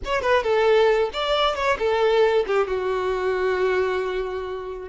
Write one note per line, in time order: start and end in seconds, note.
0.04 0.21 C#5
0.21 0.43 B4
0.43 1.09 A4
1.13 1.55 D5
1.55 1.77 C#5
1.78 2.45 A4
2.46 2.67 G4
2.67 4.88 F#4